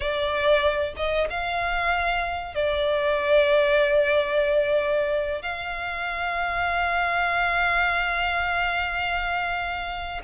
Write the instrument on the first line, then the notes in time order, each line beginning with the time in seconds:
violin
0.00 D5
0.96 D#5
1.29 F5
2.54 D5
5.42 F5